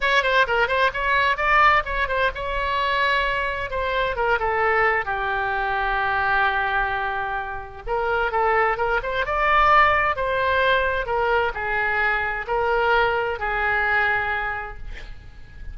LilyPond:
\new Staff \with { instrumentName = "oboe" } { \time 4/4 \tempo 4 = 130 cis''8 c''8 ais'8 c''8 cis''4 d''4 | cis''8 c''8 cis''2. | c''4 ais'8 a'4. g'4~ | g'1~ |
g'4 ais'4 a'4 ais'8 c''8 | d''2 c''2 | ais'4 gis'2 ais'4~ | ais'4 gis'2. | }